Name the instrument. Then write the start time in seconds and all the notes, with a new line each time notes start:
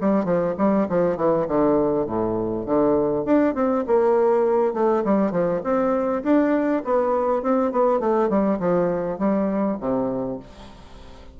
bassoon
0.00 G3
0.24 F3
0.57 G3
0.89 F3
1.16 E3
1.47 D3
2.06 A2
2.65 D3
3.25 D4
3.54 C4
3.87 A#3
4.73 A3
5.04 G3
5.31 F3
5.63 C4
6.23 D4
6.84 B3
7.42 C4
7.71 B3
7.99 A3
8.29 G3
8.59 F3
9.18 G3
9.80 C3